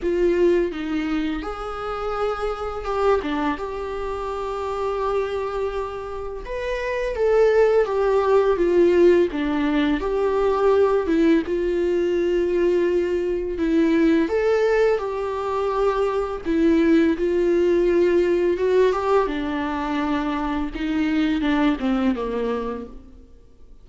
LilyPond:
\new Staff \with { instrumentName = "viola" } { \time 4/4 \tempo 4 = 84 f'4 dis'4 gis'2 | g'8 d'8 g'2.~ | g'4 b'4 a'4 g'4 | f'4 d'4 g'4. e'8 |
f'2. e'4 | a'4 g'2 e'4 | f'2 fis'8 g'8 d'4~ | d'4 dis'4 d'8 c'8 ais4 | }